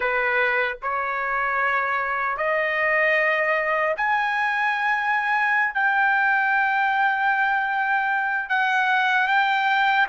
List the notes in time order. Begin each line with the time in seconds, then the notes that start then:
0.00 B4
0.82 C#5
2.37 D#5
3.96 G#5
5.73 G5
8.49 F#5
9.27 G5